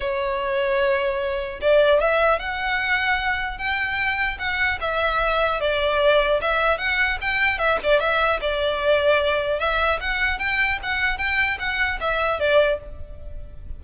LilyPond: \new Staff \with { instrumentName = "violin" } { \time 4/4 \tempo 4 = 150 cis''1 | d''4 e''4 fis''2~ | fis''4 g''2 fis''4 | e''2 d''2 |
e''4 fis''4 g''4 e''8 d''8 | e''4 d''2. | e''4 fis''4 g''4 fis''4 | g''4 fis''4 e''4 d''4 | }